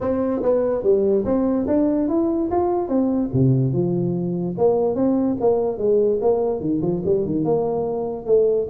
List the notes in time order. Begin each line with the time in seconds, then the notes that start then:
0.00 C4
0.42 B3
0.83 G3
1.25 C4
1.67 D4
2.08 E4
2.51 F4
2.88 C4
3.33 C3
3.72 F3
4.57 A#3
4.95 C4
5.40 A#3
5.78 G#3
6.21 A#3
6.60 D#3
6.81 F3
7.05 G3
7.25 D#3
7.44 A#3
8.26 A3